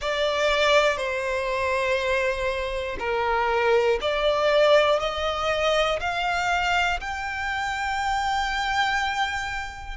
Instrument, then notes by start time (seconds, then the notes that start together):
violin
0.00 D5
0.97 C5
2.99 A#4
4.01 D5
5.00 D#5
6.00 F5
7.00 G5